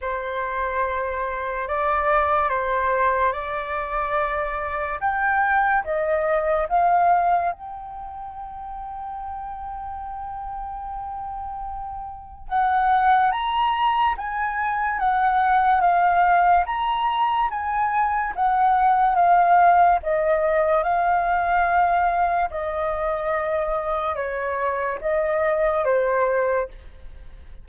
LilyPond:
\new Staff \with { instrumentName = "flute" } { \time 4/4 \tempo 4 = 72 c''2 d''4 c''4 | d''2 g''4 dis''4 | f''4 g''2.~ | g''2. fis''4 |
ais''4 gis''4 fis''4 f''4 | ais''4 gis''4 fis''4 f''4 | dis''4 f''2 dis''4~ | dis''4 cis''4 dis''4 c''4 | }